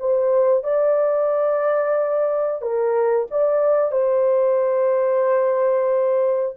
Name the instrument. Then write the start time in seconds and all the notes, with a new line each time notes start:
horn
0.00 C5
0.64 D5
2.62 A#4
3.31 D5
3.92 C5